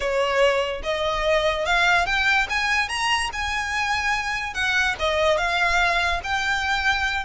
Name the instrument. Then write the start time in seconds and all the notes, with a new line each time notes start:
violin
0.00 C#5
0.83 D#5
1.65 F5
2.06 G5
2.49 G#5
2.88 A#5
3.32 G#5
4.53 F#5
4.99 D#5
5.37 F5
6.23 G5